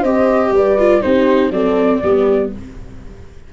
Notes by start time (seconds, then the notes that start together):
0.00 C4 G4 C5 D#5
0.51 G3 B4 D5
0.78 F4
1.01 C4 D#4 G4 C5
1.50 F#3 C4 A4 D5
2.02 G3 B3 G4